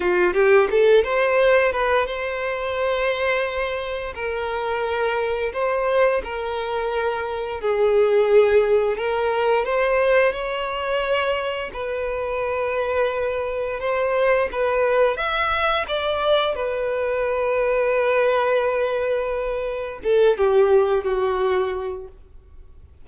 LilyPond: \new Staff \with { instrumentName = "violin" } { \time 4/4 \tempo 4 = 87 f'8 g'8 a'8 c''4 b'8 c''4~ | c''2 ais'2 | c''4 ais'2 gis'4~ | gis'4 ais'4 c''4 cis''4~ |
cis''4 b'2. | c''4 b'4 e''4 d''4 | b'1~ | b'4 a'8 g'4 fis'4. | }